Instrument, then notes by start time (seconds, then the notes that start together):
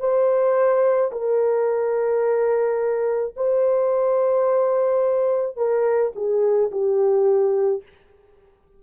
horn
0.00 C5
1.12 A#4
3.37 C5
5.57 A#4
6.16 G#4
6.72 G4